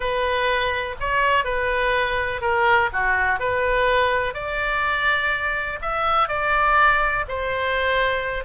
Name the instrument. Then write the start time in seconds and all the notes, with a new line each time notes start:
oboe
0.00 B4
0.99 C#5
1.44 B4
2.41 A#4
2.92 F#4
3.39 B4
4.34 D5
5.81 E5
6.28 D5
7.28 C5